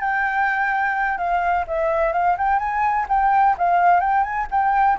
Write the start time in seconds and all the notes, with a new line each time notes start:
0.00 G5
1.18 F5
1.68 E5
2.13 F5
2.38 G5
2.59 G#5
3.09 G5
3.58 F5
4.00 G5
4.23 G#5
4.51 G5